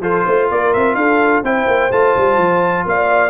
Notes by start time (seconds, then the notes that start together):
0.00 F3 F4 A4 C5
0.25 A3 C5
0.50 A#3 A#4 D5
0.73 C4 E5
0.94 D4 A4 F5
1.42 C4 E4 C5 G5
1.67 A#3
1.91 A3 F4 A5
2.16 G3
2.37 F3
2.85 A#3 D5 F5